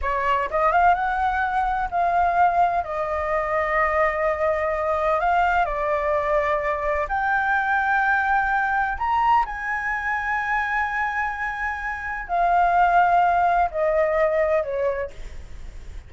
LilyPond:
\new Staff \with { instrumentName = "flute" } { \time 4/4 \tempo 4 = 127 cis''4 dis''8 f''8 fis''2 | f''2 dis''2~ | dis''2. f''4 | d''2. g''4~ |
g''2. ais''4 | gis''1~ | gis''2 f''2~ | f''4 dis''2 cis''4 | }